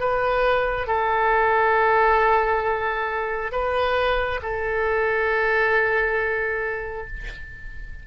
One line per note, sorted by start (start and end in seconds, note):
0.00 0.87 B4
0.87 3.52 A4
3.52 4.40 B4
4.42 7.07 A4